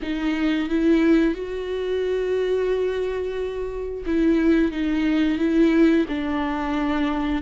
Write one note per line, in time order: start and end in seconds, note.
0.02 0.69 D#4
0.69 1.34 E4
1.34 4.04 F#4
4.06 4.71 E4
4.71 5.38 D#4
5.38 6.06 E4
6.08 7.42 D4